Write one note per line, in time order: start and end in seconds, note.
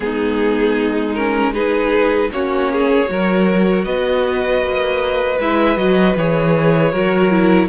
0.00 2.30 G#3
0.00 1.15 B3
0.00 1.53 D#4
0.00 1.14 G#4
1.14 1.53 C#4
1.14 1.53 A#4
1.53 2.30 D#4
1.53 2.30 G#4
1.53 2.30 B4
2.31 3.09 A#3
2.31 3.06 C#4
2.31 2.72 F#4
2.31 3.84 C#5
2.72 3.10 G#4
3.06 3.86 F#3
3.06 5.36 F#4
3.06 3.84 A#4
3.84 4.61 B3
3.84 6.91 B4
3.84 5.38 D#5
4.61 5.38 A#3
5.39 5.76 G#3
5.39 5.77 E4
5.39 5.77 E5
5.76 6.15 F#3
5.76 6.15 F#4
5.76 6.16 D#5
6.16 6.92 E3
6.16 6.92 G#4
6.16 7.68 C#5
6.91 7.68 F#3
6.91 7.30 F#4
6.91 7.68 A#4
7.30 7.68 E4